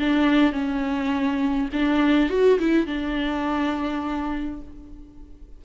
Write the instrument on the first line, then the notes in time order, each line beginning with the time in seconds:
viola
0.00 D4
0.53 C#4
1.73 D4
2.30 F#4
2.60 E4
2.87 D4